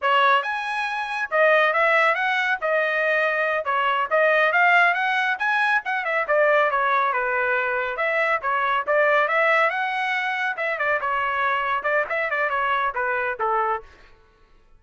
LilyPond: \new Staff \with { instrumentName = "trumpet" } { \time 4/4 \tempo 4 = 139 cis''4 gis''2 dis''4 | e''4 fis''4 dis''2~ | dis''8 cis''4 dis''4 f''4 fis''8~ | fis''8 gis''4 fis''8 e''8 d''4 cis''8~ |
cis''8 b'2 e''4 cis''8~ | cis''8 d''4 e''4 fis''4.~ | fis''8 e''8 d''8 cis''2 d''8 | e''8 d''8 cis''4 b'4 a'4 | }